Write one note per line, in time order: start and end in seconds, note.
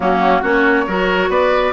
0.00 0.42 F#3
0.00 0.43 A#3
0.00 0.41 C#4
0.00 0.43 F#4
0.41 0.86 A#3
0.41 0.86 C#4
0.41 0.85 F#4
0.41 1.30 C#5
0.86 1.28 F#3
0.86 1.73 F#4
0.86 1.30 A#4
1.28 1.72 B3
1.28 1.73 B4
1.28 1.73 D5